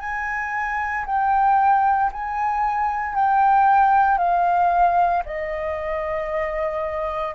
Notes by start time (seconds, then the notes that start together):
0.00 G#5
1.06 G5
2.12 G#5
3.15 G5
4.18 F5
5.25 D#5